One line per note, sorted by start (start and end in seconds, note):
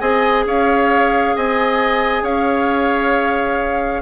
0.00 0.46 C4
0.00 4.03 G#4
0.00 0.45 D#5
0.00 0.45 G#5
0.46 1.36 C#4
0.46 1.36 C#5
0.46 1.37 F5
1.36 2.23 C4
1.36 2.23 D#5
1.36 2.25 G#5
2.23 4.02 C#4
2.23 4.03 C#5
2.23 4.03 F5